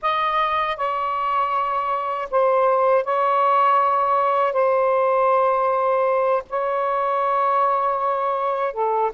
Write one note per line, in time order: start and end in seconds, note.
0.02 0.76 D#5
0.76 2.28 C#5
2.30 3.04 C5
3.04 4.53 C#5
4.53 6.42 C5
6.49 8.73 C#5
8.73 9.11 A4